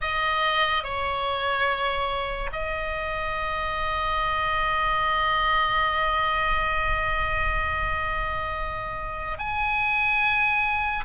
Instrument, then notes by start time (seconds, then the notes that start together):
oboe
0.01 D#5
0.83 C#5
2.52 D#5
9.38 G#5